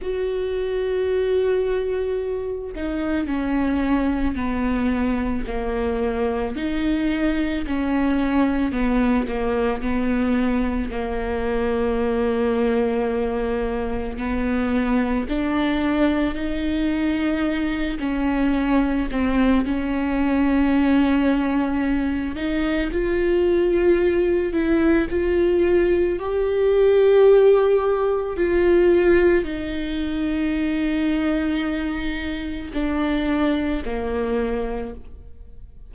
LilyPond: \new Staff \with { instrumentName = "viola" } { \time 4/4 \tempo 4 = 55 fis'2~ fis'8 dis'8 cis'4 | b4 ais4 dis'4 cis'4 | b8 ais8 b4 ais2~ | ais4 b4 d'4 dis'4~ |
dis'8 cis'4 c'8 cis'2~ | cis'8 dis'8 f'4. e'8 f'4 | g'2 f'4 dis'4~ | dis'2 d'4 ais4 | }